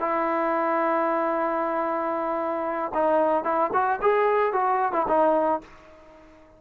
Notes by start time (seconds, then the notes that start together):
0.00 E4
2.94 D#4
3.44 E4
3.73 F#4
4.01 G#4
4.53 F#4
4.93 E4
5.08 D#4